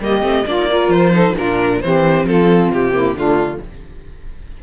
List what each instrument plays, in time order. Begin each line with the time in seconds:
0.00 cello G3, viola A#3, saxophone G4, violin D#5
0.21 cello A3, viola C4
0.46 cello A#3, viola D4, saxophone F4, violin D5
0.57 viola D#4
0.68 viola F4, saxophone A#4
0.88 cello F3, violin C5
1.12 viola D#4, saxophone A4
1.34 cello A#2, viola D4, saxophone F4, violin A#4
1.81 cello E3, viola C4, saxophone G4, violin C5
2.24 cello F3, saxophone F4, violin A4
2.71 cello C3, violin G4
2.92 viola A#3, saxophone E4
3.13 cello D3, viola A3, saxophone D4, violin F4